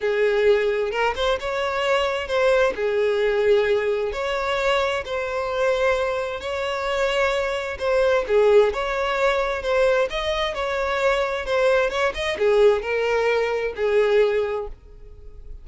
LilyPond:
\new Staff \with { instrumentName = "violin" } { \time 4/4 \tempo 4 = 131 gis'2 ais'8 c''8 cis''4~ | cis''4 c''4 gis'2~ | gis'4 cis''2 c''4~ | c''2 cis''2~ |
cis''4 c''4 gis'4 cis''4~ | cis''4 c''4 dis''4 cis''4~ | cis''4 c''4 cis''8 dis''8 gis'4 | ais'2 gis'2 | }